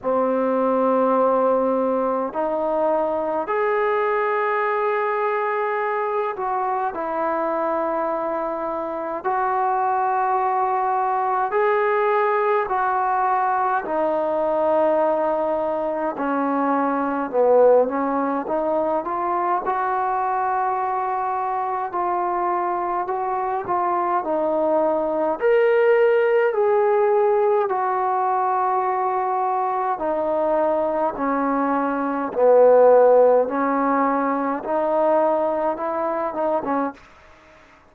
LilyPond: \new Staff \with { instrumentName = "trombone" } { \time 4/4 \tempo 4 = 52 c'2 dis'4 gis'4~ | gis'4. fis'8 e'2 | fis'2 gis'4 fis'4 | dis'2 cis'4 b8 cis'8 |
dis'8 f'8 fis'2 f'4 | fis'8 f'8 dis'4 ais'4 gis'4 | fis'2 dis'4 cis'4 | b4 cis'4 dis'4 e'8 dis'16 cis'16 | }